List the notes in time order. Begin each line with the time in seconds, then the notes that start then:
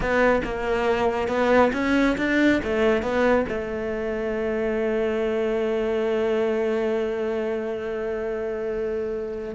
0.00 B3
0.44 A#3
1.28 B3
1.72 C#4
2.17 D4
2.63 A3
3.02 B3
3.48 A3